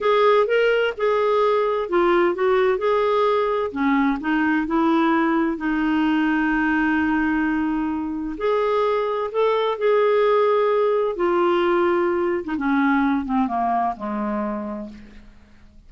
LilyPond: \new Staff \with { instrumentName = "clarinet" } { \time 4/4 \tempo 4 = 129 gis'4 ais'4 gis'2 | f'4 fis'4 gis'2 | cis'4 dis'4 e'2 | dis'1~ |
dis'2 gis'2 | a'4 gis'2. | f'2~ f'8. dis'16 cis'4~ | cis'8 c'8 ais4 gis2 | }